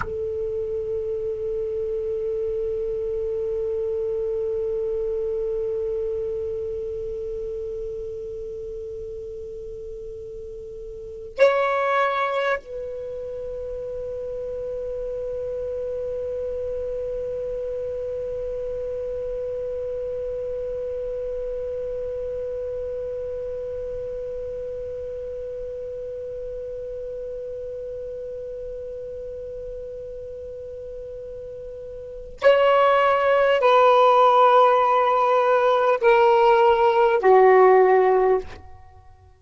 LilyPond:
\new Staff \with { instrumentName = "saxophone" } { \time 4/4 \tempo 4 = 50 a'1~ | a'1~ | a'4. cis''4 b'4.~ | b'1~ |
b'1~ | b'1~ | b'2. cis''4 | b'2 ais'4 fis'4 | }